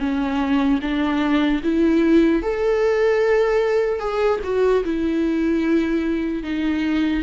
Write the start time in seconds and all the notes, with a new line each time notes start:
0.00 C#4
0.81 D4
1.64 E4
2.43 A4
4.00 G#4
4.44 F#4
4.84 E4
6.43 D#4